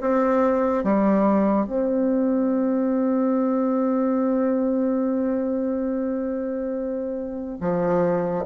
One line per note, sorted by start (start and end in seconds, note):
0.00 0.83 C4
0.83 1.66 G3
1.66 7.58 C4
7.60 8.45 F3